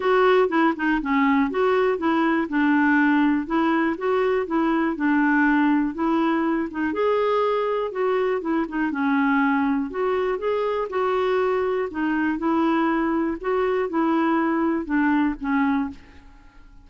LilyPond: \new Staff \with { instrumentName = "clarinet" } { \time 4/4 \tempo 4 = 121 fis'4 e'8 dis'8 cis'4 fis'4 | e'4 d'2 e'4 | fis'4 e'4 d'2 | e'4. dis'8 gis'2 |
fis'4 e'8 dis'8 cis'2 | fis'4 gis'4 fis'2 | dis'4 e'2 fis'4 | e'2 d'4 cis'4 | }